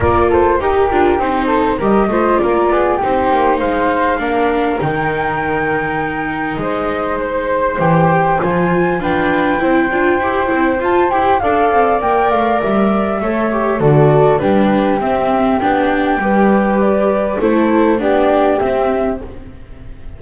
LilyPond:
<<
  \new Staff \with { instrumentName = "flute" } { \time 4/4 \tempo 4 = 100 d''8 c''8 ais'4 c''4 dis''4 | d''4 c''4 f''2 | g''2. dis''4 | c''4 g''4 gis''4 g''4~ |
g''2 a''8 g''8 f''4 | g''8 f''8 e''2 d''4 | b'4 e''4 g''2 | d''4 c''4 d''4 e''4 | }
  \new Staff \with { instrumentName = "flute" } { \time 4/4 ais'8 a'8 g'4. a'8 ais'8 c''8 | ais'8 gis'8 g'4 c''4 ais'4~ | ais'2. c''4~ | c''2. b'4 |
c''2. d''4~ | d''2 cis''4 a'4 | g'2. b'4~ | b'4 a'4 g'2 | }
  \new Staff \with { instrumentName = "viola" } { \time 4/4 f'4 g'8 f'8 dis'4 g'8 f'8~ | f'4 dis'2 d'4 | dis'1~ | dis'4 g'4 f'4 d'4 |
e'8 f'8 g'8 e'8 f'8 g'8 a'4 | ais'2 a'8 g'8 fis'4 | d'4 c'4 d'4 g'4~ | g'4 e'4 d'4 c'4 | }
  \new Staff \with { instrumentName = "double bass" } { \time 4/4 ais4 dis'8 d'8 c'4 g8 a8 | ais8 b8 c'8 ais8 gis4 ais4 | dis2. gis4~ | gis4 e4 f4 f'4 |
c'8 d'8 e'8 c'8 f'8 e'8 d'8 c'8 | ais8 a8 g4 a4 d4 | g4 c'4 b4 g4~ | g4 a4 b4 c'4 | }
>>